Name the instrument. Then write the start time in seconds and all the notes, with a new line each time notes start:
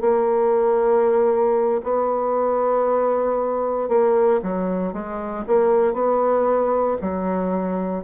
bassoon
0.00 A#3
1.83 B3
3.88 A#3
4.42 F#3
4.93 G#3
5.47 A#3
5.93 B3
7.01 F#3